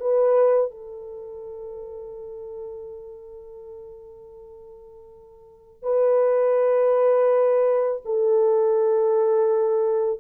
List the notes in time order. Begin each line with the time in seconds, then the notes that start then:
0.00 B4
0.71 A4
5.82 B4
8.05 A4